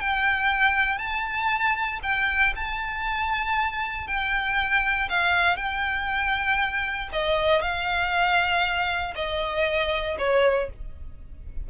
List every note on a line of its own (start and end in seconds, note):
0.00 0.98 G5
0.98 1.99 A5
2.03 2.54 G5
2.55 4.07 A5
4.07 5.08 G5
5.09 5.56 F5
5.56 7.09 G5
7.12 7.61 D#5
7.61 9.14 F5
9.15 10.16 D#5
10.18 10.69 C#5